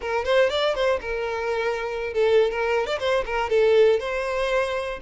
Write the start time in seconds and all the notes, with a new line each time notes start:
0.01 A#4
0.25 C5
0.49 D5
0.74 C5
1.00 A#4
2.13 A4
2.50 A#4
2.86 D5
2.99 C5
3.25 A#4
3.49 A4
3.99 C5